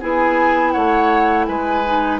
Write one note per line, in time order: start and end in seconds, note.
0.00 0.75 B3
0.00 1.84 E4
0.00 0.73 G#4
0.00 0.71 G#5
0.71 1.48 A3
0.71 1.46 C#5
0.71 1.44 F#5
1.45 2.19 G#3
1.45 2.19 B4
1.45 2.18 G#5
1.85 2.19 D#4